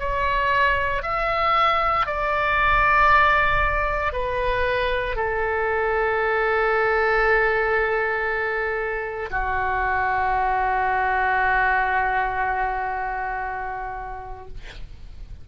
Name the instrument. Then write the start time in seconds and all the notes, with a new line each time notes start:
oboe
0.00 C#5
1.03 E5
2.07 D5
4.13 B4
5.16 A4
9.31 F#4